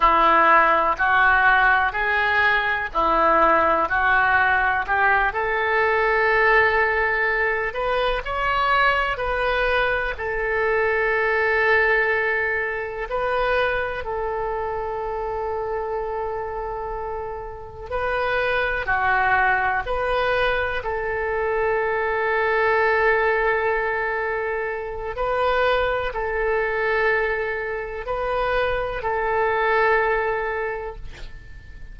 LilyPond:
\new Staff \with { instrumentName = "oboe" } { \time 4/4 \tempo 4 = 62 e'4 fis'4 gis'4 e'4 | fis'4 g'8 a'2~ a'8 | b'8 cis''4 b'4 a'4.~ | a'4. b'4 a'4.~ |
a'2~ a'8 b'4 fis'8~ | fis'8 b'4 a'2~ a'8~ | a'2 b'4 a'4~ | a'4 b'4 a'2 | }